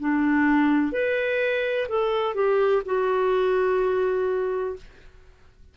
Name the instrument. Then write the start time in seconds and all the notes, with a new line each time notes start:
clarinet
0.00 D4
0.92 B4
1.89 A4
2.35 G4
2.86 F#4